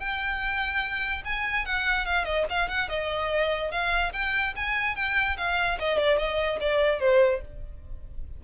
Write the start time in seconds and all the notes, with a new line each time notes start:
0.00 G5
1.25 G#5
1.66 F#5
2.06 F5
2.25 D#5
2.50 F5
2.69 F#5
2.89 D#5
3.72 F5
4.13 G5
4.57 G#5
4.96 G5
5.38 F5
5.80 D#5
5.99 D5
6.19 D#5
6.61 D5
7.00 C5